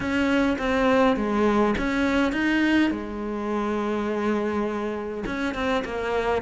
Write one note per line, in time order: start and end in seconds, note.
0.00 0.57 C#4
0.58 1.16 C4
1.16 1.74 G#3
1.78 2.32 C#4
2.32 2.90 D#4
2.90 5.23 G#3
5.26 5.54 C#4
5.54 5.83 C4
5.85 6.42 A#3